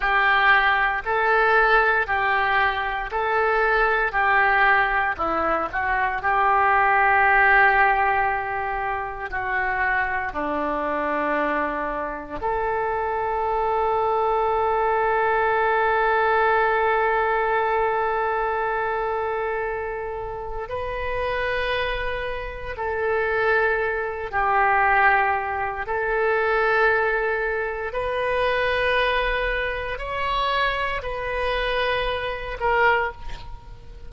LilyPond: \new Staff \with { instrumentName = "oboe" } { \time 4/4 \tempo 4 = 58 g'4 a'4 g'4 a'4 | g'4 e'8 fis'8 g'2~ | g'4 fis'4 d'2 | a'1~ |
a'1 | b'2 a'4. g'8~ | g'4 a'2 b'4~ | b'4 cis''4 b'4. ais'8 | }